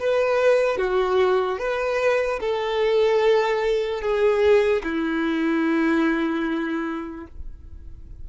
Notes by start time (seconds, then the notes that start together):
0.00 B4
0.78 F#4
1.59 B4
2.40 A4
4.02 G#4
4.84 E4